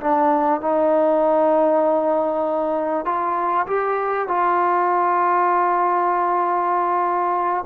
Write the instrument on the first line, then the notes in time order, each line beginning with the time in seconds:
trombone
0.00 D4
0.61 D#4
3.05 F4
3.67 G4
4.28 F4